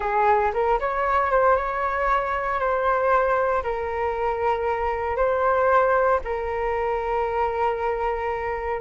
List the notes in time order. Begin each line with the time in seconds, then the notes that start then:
0.00 G#4
0.53 A#4
0.79 C#5
1.30 C5
1.56 C#5
2.59 C5
3.63 A#4
5.16 C5
6.24 A#4